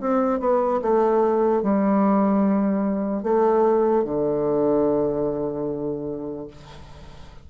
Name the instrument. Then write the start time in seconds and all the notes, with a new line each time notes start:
bassoon
0.00 C4
0.40 B3
0.82 A3
1.63 G3
3.23 A3
4.04 D3